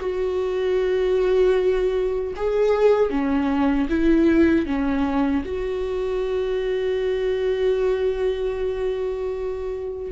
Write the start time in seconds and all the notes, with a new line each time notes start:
0.00 F#4
2.36 G#4
3.10 C#4
3.89 E4
4.66 C#4
5.45 F#4